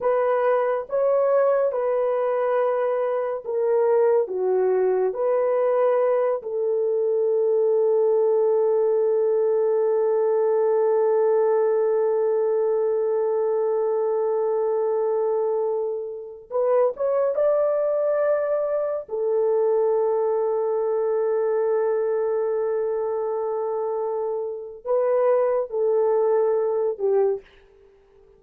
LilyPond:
\new Staff \with { instrumentName = "horn" } { \time 4/4 \tempo 4 = 70 b'4 cis''4 b'2 | ais'4 fis'4 b'4. a'8~ | a'1~ | a'1~ |
a'2.~ a'16 b'8 cis''16~ | cis''16 d''2 a'4.~ a'16~ | a'1~ | a'4 b'4 a'4. g'8 | }